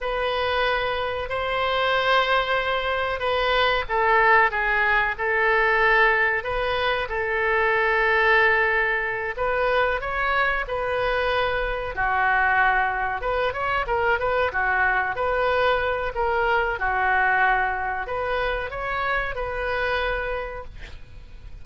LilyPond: \new Staff \with { instrumentName = "oboe" } { \time 4/4 \tempo 4 = 93 b'2 c''2~ | c''4 b'4 a'4 gis'4 | a'2 b'4 a'4~ | a'2~ a'8 b'4 cis''8~ |
cis''8 b'2 fis'4.~ | fis'8 b'8 cis''8 ais'8 b'8 fis'4 b'8~ | b'4 ais'4 fis'2 | b'4 cis''4 b'2 | }